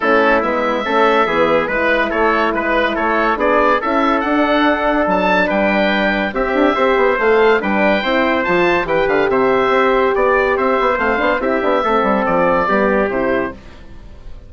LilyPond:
<<
  \new Staff \with { instrumentName = "oboe" } { \time 4/4 \tempo 4 = 142 a'4 e''2. | b'4 cis''4 b'4 cis''4 | d''4 e''4 fis''2 | a''4 g''2 e''4~ |
e''4 f''4 g''2 | a''4 g''8 f''8 e''2 | d''4 e''4 f''4 e''4~ | e''4 d''2 c''4 | }
  \new Staff \with { instrumentName = "trumpet" } { \time 4/4 e'2 a'4 gis'4 | b'4 a'4 b'4 a'4 | gis'4 a'2.~ | a'4 b'2 g'4 |
c''2 b'4 c''4~ | c''4 b'4 c''2 | d''4 c''2 g'4 | a'2 g'2 | }
  \new Staff \with { instrumentName = "horn" } { \time 4/4 cis'4 b4 cis'4 b4 | e'1 | d'4 e'4 d'2~ | d'2. c'4 |
g'4 a'4 d'4 e'4 | f'4 g'2.~ | g'2 c'8 d'8 e'8 d'8 | c'2 b4 e'4 | }
  \new Staff \with { instrumentName = "bassoon" } { \time 4/4 a4 gis4 a4 e4 | gis4 a4 gis4 a4 | b4 cis'4 d'2 | fis4 g2 c'8 d'8 |
c'8 b8 a4 g4 c'4 | f4 e8 d8 c4 c'4 | b4 c'8 b8 a8 b8 c'8 b8 | a8 g8 f4 g4 c4 | }
>>